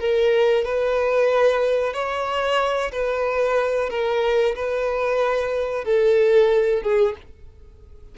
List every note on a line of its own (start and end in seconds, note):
0.00 0.65 A#4
0.65 1.94 B4
1.94 2.91 C#5
2.92 3.90 B4
3.90 4.55 A#4
4.56 5.85 B4
5.85 6.83 A4
6.83 7.15 G#4